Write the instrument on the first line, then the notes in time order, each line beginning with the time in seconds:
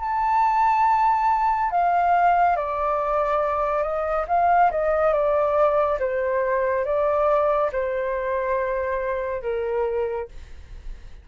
flute
0.00 A5
1.71 F5
2.57 D5
3.83 D#5
4.28 F5
4.71 D#5
5.13 D5
6.00 C5
6.85 D5
7.73 C5
9.43 A#4